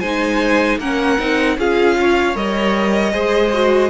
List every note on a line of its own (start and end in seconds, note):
0.00 0.78 G#3
0.00 0.81 D#4
0.00 0.79 C5
0.00 0.78 G#5
0.78 1.17 A#3
0.78 1.19 C#4
0.78 1.57 A#4
0.78 1.58 F#5
1.19 1.58 C4
1.19 1.58 D#4
1.58 2.35 C#4
1.58 2.35 F4
1.58 1.98 G#4
1.58 2.36 F5
2.00 3.13 C#5
2.35 3.13 G3
2.35 3.12 A#4
2.35 3.90 D#5
3.12 3.90 G#3
3.12 3.51 G#4
3.12 3.90 C5
3.53 3.90 F#4